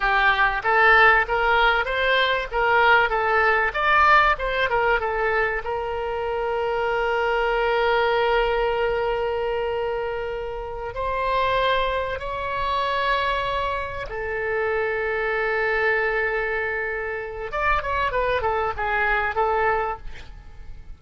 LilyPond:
\new Staff \with { instrumentName = "oboe" } { \time 4/4 \tempo 4 = 96 g'4 a'4 ais'4 c''4 | ais'4 a'4 d''4 c''8 ais'8 | a'4 ais'2.~ | ais'1~ |
ais'4. c''2 cis''8~ | cis''2~ cis''8 a'4.~ | a'1 | d''8 cis''8 b'8 a'8 gis'4 a'4 | }